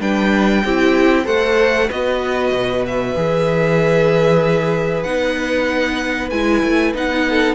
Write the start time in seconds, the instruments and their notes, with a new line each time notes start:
0.00 cello G3, viola D4, violin B4 G5
0.64 cello C4, viola E4, violin G4
1.25 cello A3, viola A4, violin C5 F#5
1.88 cello B3, viola F#4, violin B4 D#5
2.51 cello B2
2.86 violin E5
3.16 cello E3, viola G#4
5.03 cello B3, viola D#4, violin F#5
6.30 cello G#3, viola E4, violin G#5
6.63 cello A3
6.94 cello B3, viola D#4, violin F#5
7.29 violin A4